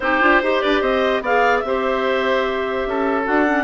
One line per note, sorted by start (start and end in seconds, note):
0.00 0.20 C4
0.00 0.21 D#4
0.00 0.42 G4
0.00 0.61 C5
0.21 0.42 D4
0.21 0.41 F4
0.42 0.62 D#4
0.42 1.24 G4
0.42 0.62 C5
0.61 0.81 D4
0.61 0.80 B4
0.61 0.81 D5
0.80 1.21 C4
0.80 1.21 C5
0.80 1.22 D#5
1.21 1.62 B3
1.21 1.65 G#4
1.21 1.63 D5
1.21 1.59 F5
1.59 2.86 C4
1.59 3.22 E5
1.65 3.25 G4
1.65 2.88 C5
2.86 3.26 C#4
2.86 3.64 A4
3.25 3.64 D4
3.25 3.45 F#4
3.25 3.64 F#5
3.46 3.64 C#4